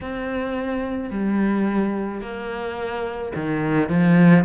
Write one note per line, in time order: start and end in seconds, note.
0.00 1.10 C4
1.10 2.21 G3
2.21 3.32 A#3
3.35 3.89 D#3
3.89 4.44 F3